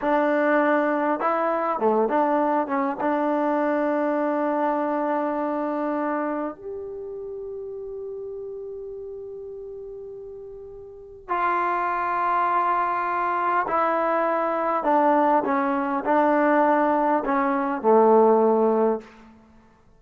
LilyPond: \new Staff \with { instrumentName = "trombone" } { \time 4/4 \tempo 4 = 101 d'2 e'4 a8 d'8~ | d'8 cis'8 d'2.~ | d'2. g'4~ | g'1~ |
g'2. f'4~ | f'2. e'4~ | e'4 d'4 cis'4 d'4~ | d'4 cis'4 a2 | }